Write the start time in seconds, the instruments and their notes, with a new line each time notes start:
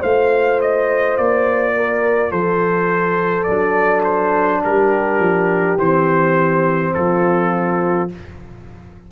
0.00 tuba A3, trombone F4, horn C5, trumpet F5
0.61 trumpet D#5
1.17 tuba A#3, trumpet D5
1.76 horn A#4
2.31 tuba F3, horn A4, trumpet C5
3.43 tuba F#3, trombone D4, trumpet D5
4.04 trumpet C5
4.64 tuba G3, horn G4, trumpet A#4
5.19 tuba F3
5.78 tuba E3, trombone C4, trumpet C5
6.94 tuba F3, horn F4, trumpet A4